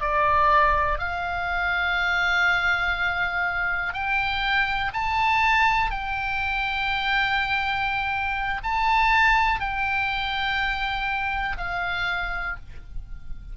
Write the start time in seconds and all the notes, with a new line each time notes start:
0.00 D5
0.98 F5
3.93 G5
4.93 A5
5.90 G5
8.63 A5
9.60 G5
11.57 F5